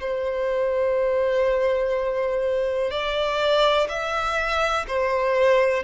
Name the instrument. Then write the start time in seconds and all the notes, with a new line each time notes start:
violin
0.00 C5
2.90 D5
3.88 E5
4.87 C5